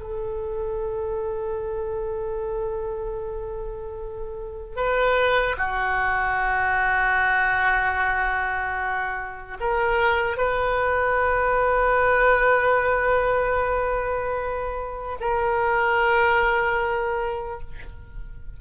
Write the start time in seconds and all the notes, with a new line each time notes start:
0.00 A4
4.76 B4
5.57 F#4
9.60 A#4
10.37 B4
15.20 A#4